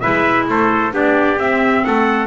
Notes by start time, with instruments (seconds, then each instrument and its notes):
0.00 double bass G#3, clarinet E4, trumpet B4 E5
0.48 double bass A3, trumpet A4 C5
0.91 double bass B3, clarinet D4, trumpet G4 D5
1.39 double bass C4, clarinet C4, trumpet E5
1.84 double bass A3, trumpet A4 F#5